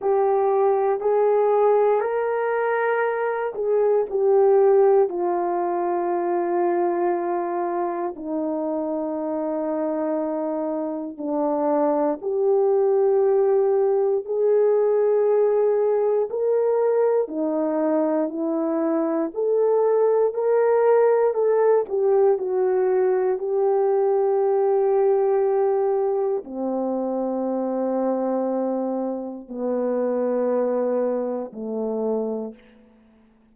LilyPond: \new Staff \with { instrumentName = "horn" } { \time 4/4 \tempo 4 = 59 g'4 gis'4 ais'4. gis'8 | g'4 f'2. | dis'2. d'4 | g'2 gis'2 |
ais'4 dis'4 e'4 a'4 | ais'4 a'8 g'8 fis'4 g'4~ | g'2 c'2~ | c'4 b2 a4 | }